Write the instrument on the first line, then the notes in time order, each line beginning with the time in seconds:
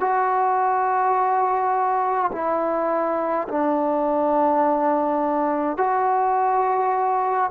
trombone
0.00 F#4
2.32 E4
3.49 D4
5.77 F#4